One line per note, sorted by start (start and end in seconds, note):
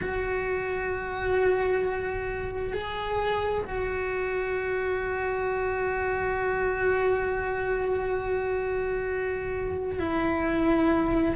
0.01 2.73 F#4
2.73 3.64 G#4
3.65 9.99 F#4
9.99 11.35 E4